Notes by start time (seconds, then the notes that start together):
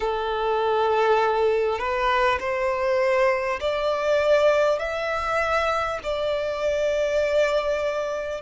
0.00 A4
1.78 B4
2.39 C5
3.60 D5
4.78 E5
6.03 D5